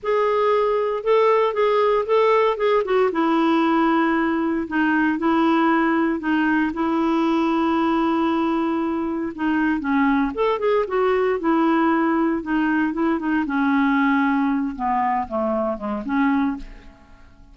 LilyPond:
\new Staff \with { instrumentName = "clarinet" } { \time 4/4 \tempo 4 = 116 gis'2 a'4 gis'4 | a'4 gis'8 fis'8 e'2~ | e'4 dis'4 e'2 | dis'4 e'2.~ |
e'2 dis'4 cis'4 | a'8 gis'8 fis'4 e'2 | dis'4 e'8 dis'8 cis'2~ | cis'8 b4 a4 gis8 cis'4 | }